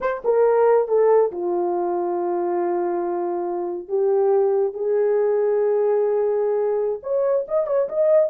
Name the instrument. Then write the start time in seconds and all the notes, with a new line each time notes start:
horn
0.01 C5
0.24 A#4
0.88 A4
1.31 F4
3.88 G4
4.73 G#4
7.02 C#5
7.48 D#5
7.67 C#5
7.89 D#5